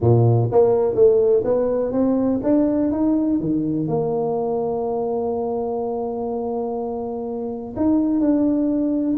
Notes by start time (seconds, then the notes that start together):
0.00 A#2
0.51 A#3
0.94 A3
1.44 B3
1.92 C4
2.43 D4
2.91 D#4
3.40 D#3
3.87 A#3
7.76 D#4
8.20 D4